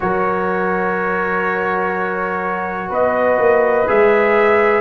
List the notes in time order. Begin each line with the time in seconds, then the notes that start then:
0.00 F#3 F#4 A#4 C#5
2.88 B3 B4 D#5
3.38 A#3
3.87 G#3 G#4 E5